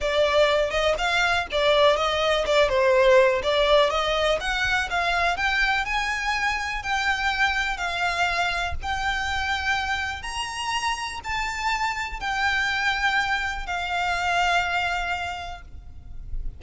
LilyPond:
\new Staff \with { instrumentName = "violin" } { \time 4/4 \tempo 4 = 123 d''4. dis''8 f''4 d''4 | dis''4 d''8 c''4. d''4 | dis''4 fis''4 f''4 g''4 | gis''2 g''2 |
f''2 g''2~ | g''4 ais''2 a''4~ | a''4 g''2. | f''1 | }